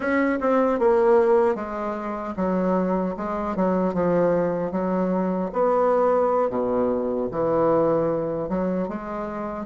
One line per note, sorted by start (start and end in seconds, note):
0.00 0.39 C#4
0.40 0.79 C4
0.79 1.55 A#3
1.55 2.34 G#3
2.36 3.15 F#3
3.16 3.55 G#3
3.55 3.94 F#3
3.94 4.72 F3
4.72 5.50 F#3
5.52 6.50 B3
6.50 7.28 B2
7.31 8.48 E3
8.48 8.88 F#3
8.88 9.66 G#3